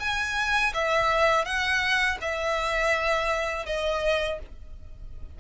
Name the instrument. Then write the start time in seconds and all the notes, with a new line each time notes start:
violin
0.00 G#5
0.74 E5
1.45 F#5
2.21 E5
3.66 D#5